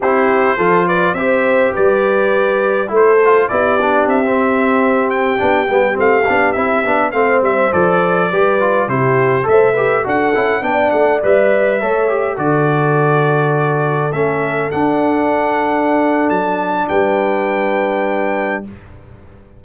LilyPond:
<<
  \new Staff \with { instrumentName = "trumpet" } { \time 4/4 \tempo 4 = 103 c''4. d''8 e''4 d''4~ | d''4 c''4 d''4 e''4~ | e''8. g''4. f''4 e''8.~ | e''16 f''8 e''8 d''2 c''8.~ |
c''16 e''4 fis''4 g''8 fis''8 e''8.~ | e''4~ e''16 d''2~ d''8.~ | d''16 e''4 fis''2~ fis''8. | a''4 g''2. | }
  \new Staff \with { instrumentName = "horn" } { \time 4/4 g'4 a'8 b'8 c''4 b'4~ | b'4 a'4 g'2~ | g'1~ | g'16 c''2 b'4 g'8.~ |
g'16 c''8 b'8 a'4 d''4.~ d''16~ | d''16 cis''4 a'2~ a'8.~ | a'1~ | a'4 b'2. | }
  \new Staff \with { instrumentName = "trombone" } { \time 4/4 e'4 f'4 g'2~ | g'4 e'8 f'8 e'8 d'8. c'8.~ | c'4~ c'16 d'8 b8 c'8 d'8 e'8 d'16~ | d'16 c'4 a'4 g'8 f'8 e'8.~ |
e'16 a'8 g'8 fis'8 e'8 d'4 b'8.~ | b'16 a'8 g'8 fis'2~ fis'8.~ | fis'16 cis'4 d'2~ d'8.~ | d'1 | }
  \new Staff \with { instrumentName = "tuba" } { \time 4/4 c'4 f4 c'4 g4~ | g4 a4 b4 c'4~ | c'4~ c'16 b8 g8 a8 b8 c'8 b16~ | b16 a8 g8 f4 g4 c8.~ |
c16 a4 d'8 cis'8 b8 a8 g8.~ | g16 a4 d2~ d8.~ | d16 a4 d'2~ d'8. | fis4 g2. | }
>>